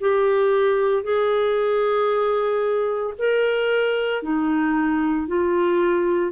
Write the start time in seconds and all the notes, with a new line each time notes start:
0.00 G4
1.03 G#4
3.18 A#4
4.23 D#4
5.28 F4